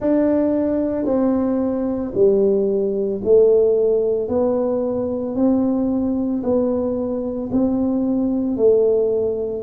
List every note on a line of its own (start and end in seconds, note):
0.00 1.05 D4
1.05 2.12 C4
2.14 3.21 G3
3.24 4.28 A3
4.28 5.35 B3
5.35 6.42 C4
6.43 7.50 B3
7.51 8.56 C4
8.56 9.62 A3